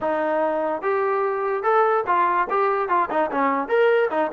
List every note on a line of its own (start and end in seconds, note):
0.01 0.81 D#4
0.81 1.63 G4
1.63 2.04 A4
2.07 2.48 F4
2.50 2.88 G4
2.88 3.09 F4
3.09 3.30 D#4
3.31 3.68 C#4
3.68 4.09 A#4
4.10 4.31 D#4